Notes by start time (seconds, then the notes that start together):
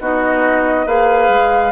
0.00 B3 D#4 F#4 D#5
0.86 A#3 G#4 B4 F5
1.29 G#3